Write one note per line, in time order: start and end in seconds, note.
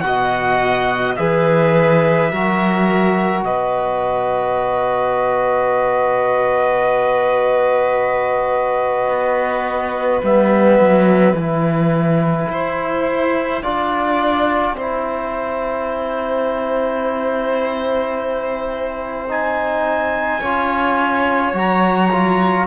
0.00 1.16 B2
0.00 1.16 F#4
0.00 1.13 F#5
0.06 1.19 D#5
1.16 2.31 E3
1.16 2.30 G#4
1.16 2.31 B4
1.16 3.42 E5
2.31 3.42 F#3
2.31 10.23 F#4
2.31 3.45 A#4
3.42 9.08 B2
3.42 12.50 B4
3.42 10.23 D#5
9.08 10.21 B3
10.23 10.79 G3
10.23 11.37 B3
10.23 11.36 E5
10.79 11.33 F#3
11.33 12.46 E3
11.33 13.63 E4
11.33 19.28 G5
12.49 13.62 E4
12.49 13.62 C5
13.62 14.73 D4
13.62 14.76 F4
13.62 14.75 D5
14.73 20.39 C4
14.73 19.28 E4
14.73 20.39 C5
19.28 20.42 D#4
19.28 21.57 G#5
20.39 21.53 C#4
20.39 21.54 F4
20.39 22.66 C#5
21.53 22.66 F#3
21.53 22.10 F#4
21.53 22.67 A#5
22.12 22.67 F4